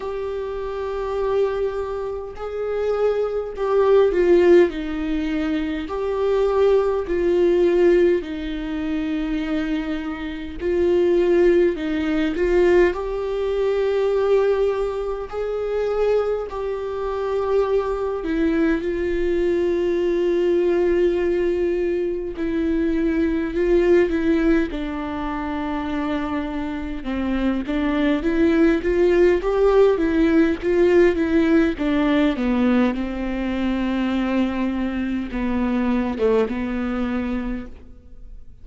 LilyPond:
\new Staff \with { instrumentName = "viola" } { \time 4/4 \tempo 4 = 51 g'2 gis'4 g'8 f'8 | dis'4 g'4 f'4 dis'4~ | dis'4 f'4 dis'8 f'8 g'4~ | g'4 gis'4 g'4. e'8 |
f'2. e'4 | f'8 e'8 d'2 c'8 d'8 | e'8 f'8 g'8 e'8 f'8 e'8 d'8 b8 | c'2 b8. a16 b4 | }